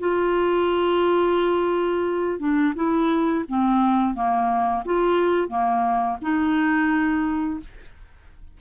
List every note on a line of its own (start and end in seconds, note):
0.00 2.39 F4
2.39 2.74 D4
2.76 3.45 E4
3.49 4.15 C4
4.15 4.84 A#3
4.85 5.48 F4
5.48 6.17 A#3
6.22 7.60 D#4